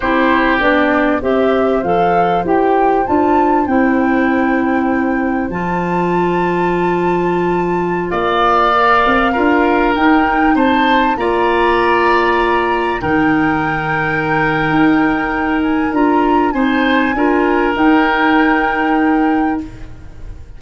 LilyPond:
<<
  \new Staff \with { instrumentName = "flute" } { \time 4/4 \tempo 4 = 98 c''4 d''4 e''4 f''4 | g''4 a''4 g''2~ | g''4 a''2.~ | a''4~ a''16 f''2~ f''8.~ |
f''16 g''4 a''4 ais''4.~ ais''16~ | ais''4~ ais''16 g''2~ g''8.~ | g''4. gis''8 ais''4 gis''4~ | gis''4 g''2. | }
  \new Staff \with { instrumentName = "oboe" } { \time 4/4 g'2 c''2~ | c''1~ | c''1~ | c''4~ c''16 d''2 ais'8.~ |
ais'4~ ais'16 c''4 d''4.~ d''16~ | d''4~ d''16 ais'2~ ais'8.~ | ais'2. c''4 | ais'1 | }
  \new Staff \with { instrumentName = "clarinet" } { \time 4/4 e'4 d'4 g'4 a'4 | g'4 f'4 e'2~ | e'4 f'2.~ | f'2~ f'16 ais'4 f'8.~ |
f'16 dis'2 f'4.~ f'16~ | f'4~ f'16 dis'2~ dis'8.~ | dis'2 f'4 dis'4 | f'4 dis'2. | }
  \new Staff \with { instrumentName = "tuba" } { \time 4/4 c'4 b4 c'4 f4 | e'4 d'4 c'2~ | c'4 f2.~ | f4~ f16 ais4. c'8 d'8.~ |
d'16 dis'4 c'4 ais4.~ ais16~ | ais4~ ais16 dis2~ dis8. | dis'2 d'4 c'4 | d'4 dis'2. | }
>>